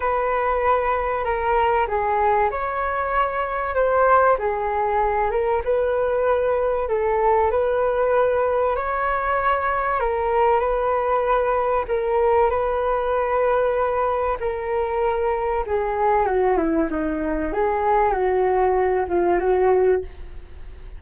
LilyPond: \new Staff \with { instrumentName = "flute" } { \time 4/4 \tempo 4 = 96 b'2 ais'4 gis'4 | cis''2 c''4 gis'4~ | gis'8 ais'8 b'2 a'4 | b'2 cis''2 |
ais'4 b'2 ais'4 | b'2. ais'4~ | ais'4 gis'4 fis'8 e'8 dis'4 | gis'4 fis'4. f'8 fis'4 | }